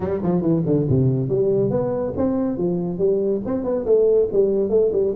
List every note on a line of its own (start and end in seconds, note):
0.00 0.21 G3
0.22 0.41 F3
0.41 0.63 E3
0.65 0.86 D3
0.89 1.28 C3
1.28 1.70 G3
1.70 2.13 B3
2.16 2.57 C4
2.57 2.98 F3
2.98 3.41 G3
3.45 3.64 C4
3.64 3.85 B3
3.85 4.28 A3
4.32 4.69 G3
4.69 4.91 A3
4.92 5.14 G3